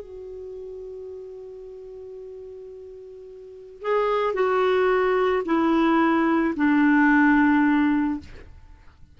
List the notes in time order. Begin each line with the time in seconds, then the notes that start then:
0.00 F#4
3.82 G#4
4.33 F#4
5.45 E4
6.56 D4